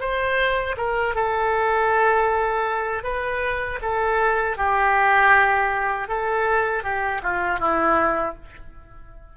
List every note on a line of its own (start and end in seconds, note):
0.00 0.76 C5
0.77 1.15 A#4
1.15 3.03 A4
3.03 3.79 B4
3.82 4.57 A4
4.57 6.08 G4
6.08 6.83 A4
6.83 7.21 G4
7.23 7.59 F4
7.59 8.35 E4